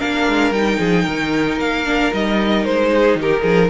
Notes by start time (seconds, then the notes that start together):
0.00 A#3 D4 A#4 F5
0.28 G#3
0.51 G3 D#4 G5
0.79 F3 G#4
1.04 D#3 A#4
1.58 A#3 F5
1.86 D4
2.12 G3 D#4 D#5
2.65 G#3 C5
2.93 G#4
3.16 D#3 G4
3.22 A#4
3.42 F3 G#4